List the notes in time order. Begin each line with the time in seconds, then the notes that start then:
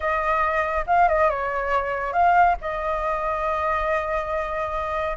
0.00 D#5
0.86 F5
1.08 D#5
1.29 C#5
2.12 F5
2.61 D#5